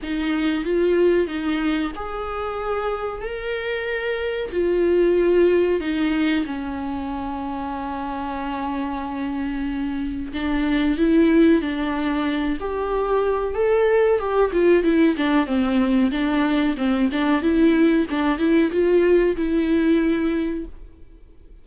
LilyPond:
\new Staff \with { instrumentName = "viola" } { \time 4/4 \tempo 4 = 93 dis'4 f'4 dis'4 gis'4~ | gis'4 ais'2 f'4~ | f'4 dis'4 cis'2~ | cis'1 |
d'4 e'4 d'4. g'8~ | g'4 a'4 g'8 f'8 e'8 d'8 | c'4 d'4 c'8 d'8 e'4 | d'8 e'8 f'4 e'2 | }